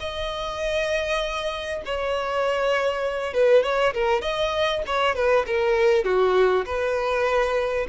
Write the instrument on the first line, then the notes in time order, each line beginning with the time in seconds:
violin
0.00 D#5
1.85 C#5
3.34 B4
3.63 C#5
3.94 A#4
4.21 D#5
4.86 C#5
5.15 B4
5.46 A#4
6.04 F#4
6.66 B4